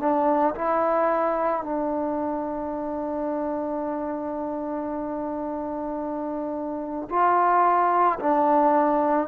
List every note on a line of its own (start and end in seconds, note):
0.00 0.55 D4
0.55 1.63 E4
1.63 7.09 D4
7.10 8.19 F4
8.20 9.28 D4